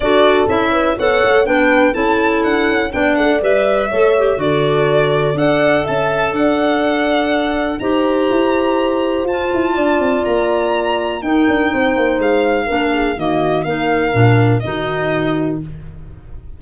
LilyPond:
<<
  \new Staff \with { instrumentName = "violin" } { \time 4/4 \tempo 4 = 123 d''4 e''4 fis''4 g''4 | a''4 fis''4 g''8 fis''8 e''4~ | e''4 d''2 fis''4 | a''4 fis''2. |
ais''2. a''4~ | a''4 ais''2 g''4~ | g''4 f''2 dis''4 | f''2 dis''2 | }
  \new Staff \with { instrumentName = "horn" } { \time 4/4 a'4. b'8 cis''4 b'4 | a'2 d''2 | cis''4 a'2 d''4 | e''4 d''2. |
c''1 | d''2. ais'4 | c''2 ais'8 gis'8 fis'4 | ais'2 fis'2 | }
  \new Staff \with { instrumentName = "clarinet" } { \time 4/4 fis'4 e'4 a'4 d'4 | e'2 d'4 b'4 | a'8 g'8 fis'2 a'4~ | a'1 |
g'2. f'4~ | f'2. dis'4~ | dis'2 d'4 ais4 | dis'4 d'4 dis'2 | }
  \new Staff \with { instrumentName = "tuba" } { \time 4/4 d'4 cis'4 b8 a8 b4 | cis'4 d'8 cis'8 b8 a8 g4 | a4 d2 d'4 | cis'4 d'2. |
dis'4 e'2 f'8 e'8 | d'8 c'8 ais2 dis'8 d'8 | c'8 ais8 gis4 ais4 dis4 | ais4 ais,4 dis2 | }
>>